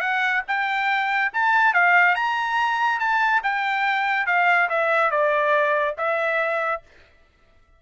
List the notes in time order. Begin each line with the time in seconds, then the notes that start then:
0.00 F#5
0.47 G5
1.33 A5
1.73 F5
2.15 A#5
2.99 A5
3.43 G5
4.26 F5
4.69 E5
5.10 D5
5.97 E5